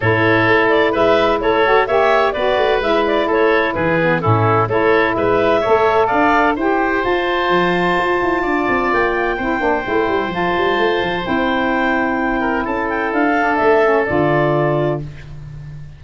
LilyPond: <<
  \new Staff \with { instrumentName = "clarinet" } { \time 4/4 \tempo 4 = 128 cis''4. d''8 e''4 cis''4 | e''4 d''4 e''8 d''8 cis''4 | b'4 a'4 cis''4 e''4~ | e''4 f''4 g''4 a''4~ |
a''2. g''4~ | g''2 a''2 | g''2. a''8 g''8 | f''4 e''4 d''2 | }
  \new Staff \with { instrumentName = "oboe" } { \time 4/4 a'2 b'4 a'4 | cis''4 b'2 a'4 | gis'4 e'4 a'4 b'4 | cis''4 d''4 c''2~ |
c''2 d''2 | c''1~ | c''2~ c''8 ais'8 a'4~ | a'1 | }
  \new Staff \with { instrumentName = "saxophone" } { \time 4/4 e'2.~ e'8 fis'8 | g'4 fis'4 e'2~ | e'8 b8 cis'4 e'2 | a'2 g'4 f'4~ |
f'1 | e'8 d'8 e'4 f'2 | e'1~ | e'8 d'4 cis'8 f'2 | }
  \new Staff \with { instrumentName = "tuba" } { \time 4/4 a,4 a4 gis4 a4 | ais4 b8 a8 gis4 a4 | e4 a,4 a4 gis4 | a4 d'4 e'4 f'4 |
f4 f'8 e'8 d'8 c'8 ais4 | c'8 ais8 a8 g8 f8 g8 a8 f8 | c'2. cis'4 | d'4 a4 d2 | }
>>